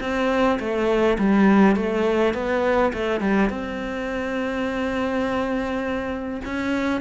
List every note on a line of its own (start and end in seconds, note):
0.00 0.58 C4
0.59 1.17 A3
1.18 1.76 G3
1.76 2.34 A3
2.34 2.92 B3
2.93 3.20 A3
3.20 3.49 G3
3.49 6.40 C4
6.44 7.00 C#4